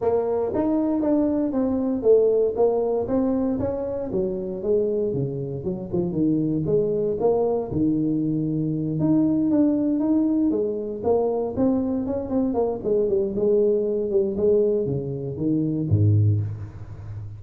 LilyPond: \new Staff \with { instrumentName = "tuba" } { \time 4/4 \tempo 4 = 117 ais4 dis'4 d'4 c'4 | a4 ais4 c'4 cis'4 | fis4 gis4 cis4 fis8 f8 | dis4 gis4 ais4 dis4~ |
dis4. dis'4 d'4 dis'8~ | dis'8 gis4 ais4 c'4 cis'8 | c'8 ais8 gis8 g8 gis4. g8 | gis4 cis4 dis4 gis,4 | }